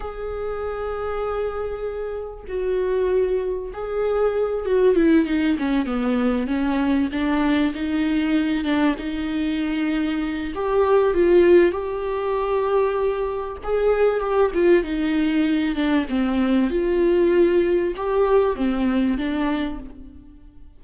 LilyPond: \new Staff \with { instrumentName = "viola" } { \time 4/4 \tempo 4 = 97 gis'1 | fis'2 gis'4. fis'8 | e'8 dis'8 cis'8 b4 cis'4 d'8~ | d'8 dis'4. d'8 dis'4.~ |
dis'4 g'4 f'4 g'4~ | g'2 gis'4 g'8 f'8 | dis'4. d'8 c'4 f'4~ | f'4 g'4 c'4 d'4 | }